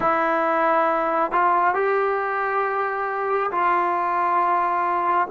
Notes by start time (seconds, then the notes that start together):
0.00 E4
1.31 F4
1.74 G4
3.51 F4